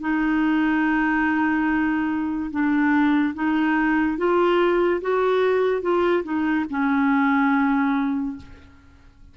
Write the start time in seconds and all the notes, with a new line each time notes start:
0.00 D#4
2.51 D4
3.34 D#4
4.17 F4
5.01 F#4
5.81 F4
6.23 D#4
6.70 C#4